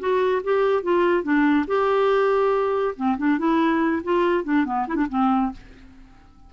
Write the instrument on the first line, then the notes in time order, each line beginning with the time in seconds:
clarinet
0.00 F#4
0.44 G4
0.84 F4
1.24 D4
1.68 G4
2.96 C4
3.18 D4
3.39 E4
4.04 F4
4.45 D4
4.66 B3
4.88 E4
4.96 D4
5.10 C4